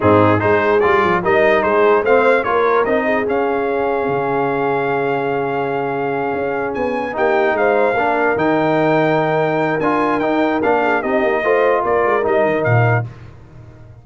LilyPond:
<<
  \new Staff \with { instrumentName = "trumpet" } { \time 4/4 \tempo 4 = 147 gis'4 c''4 d''4 dis''4 | c''4 f''4 cis''4 dis''4 | f''1~ | f''1~ |
f''8 gis''4 g''4 f''4.~ | f''8 g''2.~ g''8 | gis''4 g''4 f''4 dis''4~ | dis''4 d''4 dis''4 f''4 | }
  \new Staff \with { instrumentName = "horn" } { \time 4/4 dis'4 gis'2 ais'4 | gis'4 c''4 ais'4. gis'8~ | gis'1~ | gis'1~ |
gis'4. g'4 c''4 ais'8~ | ais'1~ | ais'2~ ais'8 gis'8 g'4 | c''4 ais'2. | }
  \new Staff \with { instrumentName = "trombone" } { \time 4/4 c'4 dis'4 f'4 dis'4~ | dis'4 c'4 f'4 dis'4 | cis'1~ | cis'1~ |
cis'4. dis'2 d'8~ | d'8 dis'2.~ dis'8 | f'4 dis'4 d'4 dis'4 | f'2 dis'2 | }
  \new Staff \with { instrumentName = "tuba" } { \time 4/4 gis,4 gis4 g8 f8 g4 | gis4 a4 ais4 c'4 | cis'2 cis2~ | cis2.~ cis8 cis'8~ |
cis'8 b4 ais4 gis4 ais8~ | ais8 dis2.~ dis8 | d'4 dis'4 ais4 c'8 ais8 | a4 ais8 gis8 g8 dis8 ais,4 | }
>>